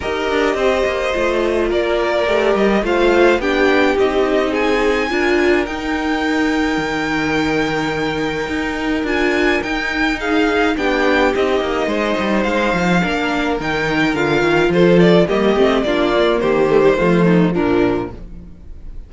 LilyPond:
<<
  \new Staff \with { instrumentName = "violin" } { \time 4/4 \tempo 4 = 106 dis''2. d''4~ | d''8 dis''8 f''4 g''4 dis''4 | gis''2 g''2~ | g''1 |
gis''4 g''4 f''4 g''4 | dis''2 f''2 | g''4 f''4 c''8 d''8 dis''4 | d''4 c''2 ais'4 | }
  \new Staff \with { instrumentName = "violin" } { \time 4/4 ais'4 c''2 ais'4~ | ais'4 c''4 g'2 | gis'4 ais'2.~ | ais'1~ |
ais'2 gis'4 g'4~ | g'4 c''2 ais'4~ | ais'2 a'4 g'4 | f'4 g'4 f'8 dis'8 d'4 | }
  \new Staff \with { instrumentName = "viola" } { \time 4/4 g'2 f'2 | g'4 f'4 d'4 dis'4~ | dis'4 f'4 dis'2~ | dis'1 |
f'4 dis'2 d'4 | dis'2. d'4 | dis'4 f'2 ais8 c'8 | d'8 ais4 a16 g16 a4 f4 | }
  \new Staff \with { instrumentName = "cello" } { \time 4/4 dis'8 d'8 c'8 ais8 a4 ais4 | a8 g8 a4 b4 c'4~ | c'4 d'4 dis'2 | dis2. dis'4 |
d'4 dis'2 b4 | c'8 ais8 gis8 g8 gis8 f8 ais4 | dis4 d8 dis8 f4 g8 a8 | ais4 dis4 f4 ais,4 | }
>>